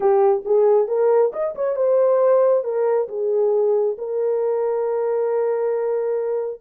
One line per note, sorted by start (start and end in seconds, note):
0.00 0.43 G4
0.45 0.87 G#4
0.87 1.31 A#4
1.32 1.54 D#5
1.55 1.76 C#5
1.76 2.64 C5
2.64 3.08 A#4
3.08 3.96 G#4
3.97 6.61 A#4